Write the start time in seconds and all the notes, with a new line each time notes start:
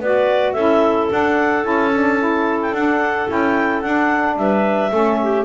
0.00 B3 F#4 B4 D5
0.52 C#4 E4 A4 E5
1.11 D4 F#5
1.64 C#4 E4 A5
1.93 D4
2.20 E4
2.61 G5
2.72 D4 F#5
3.28 C#4 E4 G5
3.81 D4 F#5
4.36 G3 B4 E5
4.90 A3 C#4 A4
5.22 G4